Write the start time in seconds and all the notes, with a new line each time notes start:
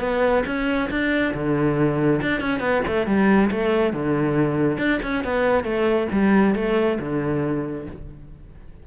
0.00 B3
0.46 C#4
0.90 D4
1.34 D3
2.22 D4
2.41 C#4
2.60 B3
2.87 A3
3.07 G3
3.51 A3
3.93 D3
4.78 D4
5.03 C#4
5.24 B3
5.64 A3
6.12 G3
6.55 A3
7.00 D3